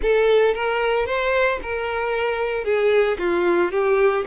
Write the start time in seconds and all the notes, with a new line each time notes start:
0.02 A4
0.54 A#4
1.06 C5
1.62 A#4
2.64 G#4
3.18 F4
3.71 G4